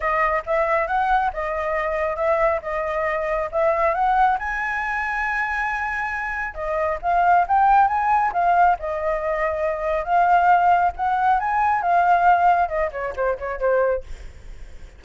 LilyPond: \new Staff \with { instrumentName = "flute" } { \time 4/4 \tempo 4 = 137 dis''4 e''4 fis''4 dis''4~ | dis''4 e''4 dis''2 | e''4 fis''4 gis''2~ | gis''2. dis''4 |
f''4 g''4 gis''4 f''4 | dis''2. f''4~ | f''4 fis''4 gis''4 f''4~ | f''4 dis''8 cis''8 c''8 cis''8 c''4 | }